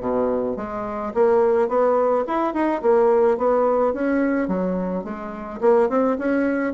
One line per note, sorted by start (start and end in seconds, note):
0.00 0.56 B2
0.56 1.12 G#3
1.14 1.68 A#3
1.68 2.24 B3
2.27 2.53 E4
2.53 2.81 D#4
2.82 3.37 A#3
3.37 3.94 B3
3.94 4.48 C#4
4.48 5.04 F#3
5.04 5.60 G#3
5.61 5.89 A#3
5.89 6.17 C4
6.18 6.73 C#4